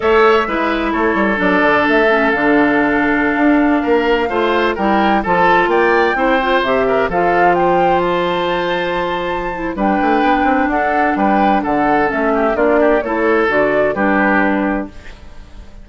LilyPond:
<<
  \new Staff \with { instrumentName = "flute" } { \time 4/4 \tempo 4 = 129 e''2 cis''4 d''4 | e''4 f''2.~ | f''2~ f''16 g''4 a''8.~ | a''16 g''2 e''4 f''8.~ |
f''16 g''4 a''2~ a''8.~ | a''4 g''2 fis''4 | g''4 fis''4 e''4 d''4 | cis''4 d''4 b'2 | }
  \new Staff \with { instrumentName = "oboe" } { \time 4/4 cis''4 b'4 a'2~ | a'1~ | a'16 ais'4 c''4 ais'4 a'8.~ | a'16 d''4 c''4. ais'8 a'8.~ |
a'16 c''2.~ c''8.~ | c''4 b'2 a'4 | b'4 a'4. g'8 f'8 g'8 | a'2 g'2 | }
  \new Staff \with { instrumentName = "clarinet" } { \time 4/4 a'4 e'2 d'4~ | d'8 cis'8 d'2.~ | d'4~ d'16 f'4 e'4 f'8.~ | f'4~ f'16 e'8 f'8 g'4 f'8.~ |
f'1~ | f'8 e'8 d'2.~ | d'2 cis'4 d'4 | e'4 fis'4 d'2 | }
  \new Staff \with { instrumentName = "bassoon" } { \time 4/4 a4 gis4 a8 g8 fis8 d8 | a4 d2~ d16 d'8.~ | d'16 ais4 a4 g4 f8.~ | f16 ais4 c'4 c4 f8.~ |
f1~ | f4 g8 a8 b8 c'8 d'4 | g4 d4 a4 ais4 | a4 d4 g2 | }
>>